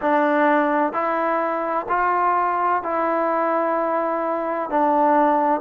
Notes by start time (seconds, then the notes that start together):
0.01 D4
0.92 E4
1.88 F4
2.83 E4
4.70 D4